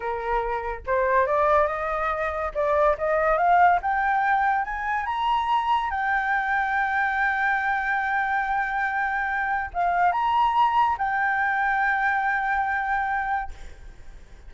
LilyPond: \new Staff \with { instrumentName = "flute" } { \time 4/4 \tempo 4 = 142 ais'2 c''4 d''4 | dis''2 d''4 dis''4 | f''4 g''2 gis''4 | ais''2 g''2~ |
g''1~ | g''2. f''4 | ais''2 g''2~ | g''1 | }